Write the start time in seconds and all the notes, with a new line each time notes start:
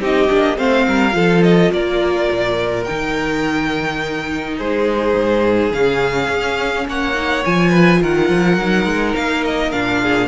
0.00 C4 D#4 G4 D#5
0.29 A#3 D4
0.56 A3 C4 C5 F5
0.87 G3 A#4
1.11 F3 F4 A4
1.43 D#5
1.72 A#3 A#4 D5
2.31 A#2
2.84 D#3 D#4 G5
4.57 G#3 G#4 C5
5.14 G#2
5.71 C#3 C#4 F5
6.29 C#4
6.87 A#3 C#5 F#5
7.14 D#4
7.45 F3 F4 G#5
7.70 B4
8.02 D#3 A#4 F#5
8.29 F3
8.57 F#3 D#4
8.85 G#3
9.15 A#3 F5
9.45 D#5
9.72 A#2 D4 F5
10.02 G#4